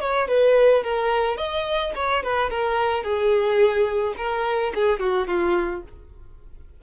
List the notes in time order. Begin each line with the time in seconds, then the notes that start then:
0.00 C#5
0.28 B4
0.83 A#4
1.37 D#5
1.95 C#5
2.23 B4
2.50 A#4
3.03 G#4
4.17 A#4
4.74 G#4
4.99 F#4
5.27 F4